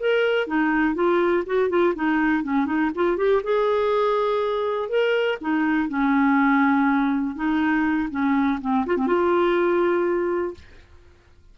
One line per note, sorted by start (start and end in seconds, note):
0.00 0.47 A#4
0.47 0.95 D#4
0.95 1.44 F4
1.46 1.70 F#4
1.70 1.94 F4
1.95 2.44 D#4
2.44 2.66 C#4
2.66 2.91 D#4
2.95 3.17 F4
3.17 3.42 G4
3.44 4.89 G#4
4.89 5.39 A#4
5.42 5.89 D#4
5.89 7.36 C#4
7.36 8.09 D#4
8.11 8.60 C#4
8.61 8.86 C4
8.86 8.98 F4
8.98 9.07 C4
9.07 10.55 F4